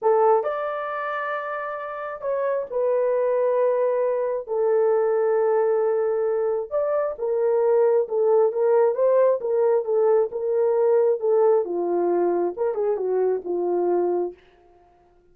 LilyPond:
\new Staff \with { instrumentName = "horn" } { \time 4/4 \tempo 4 = 134 a'4 d''2.~ | d''4 cis''4 b'2~ | b'2 a'2~ | a'2. d''4 |
ais'2 a'4 ais'4 | c''4 ais'4 a'4 ais'4~ | ais'4 a'4 f'2 | ais'8 gis'8 fis'4 f'2 | }